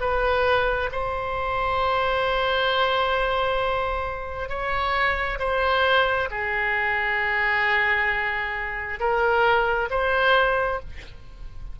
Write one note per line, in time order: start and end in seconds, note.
0.00 0.90 B4
0.92 4.49 C5
4.49 5.38 C#5
5.39 6.28 C5
6.30 8.99 G#4
8.99 9.89 A#4
9.90 10.80 C5